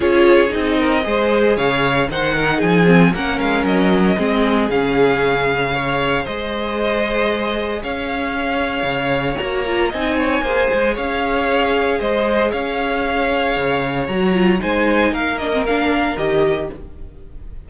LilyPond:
<<
  \new Staff \with { instrumentName = "violin" } { \time 4/4 \tempo 4 = 115 cis''4 dis''2 f''4 | fis''4 gis''4 fis''8 f''8 dis''4~ | dis''4 f''2. | dis''2. f''4~ |
f''2 ais''4 gis''4~ | gis''4 f''2 dis''4 | f''2. ais''4 | gis''4 f''8 dis''8 f''4 dis''4 | }
  \new Staff \with { instrumentName = "violin" } { \time 4/4 gis'4. ais'8 c''4 cis''4 | c''8 ais'8 gis'4 ais'2 | gis'2. cis''4 | c''2. cis''4~ |
cis''2. dis''8 cis''8 | c''4 cis''2 c''4 | cis''1 | c''4 ais'2. | }
  \new Staff \with { instrumentName = "viola" } { \time 4/4 f'4 dis'4 gis'2 | dis'4. c'8 cis'2 | c'4 cis'2 gis'4~ | gis'1~ |
gis'2 fis'8 f'8 dis'4 | gis'1~ | gis'2. fis'8 f'8 | dis'4. d'16 c'16 d'4 g'4 | }
  \new Staff \with { instrumentName = "cello" } { \time 4/4 cis'4 c'4 gis4 cis4 | dis4 f4 ais8 gis8 fis4 | gis4 cis2. | gis2. cis'4~ |
cis'4 cis4 ais4 c'4 | ais8 gis8 cis'2 gis4 | cis'2 cis4 fis4 | gis4 ais2 dis4 | }
>>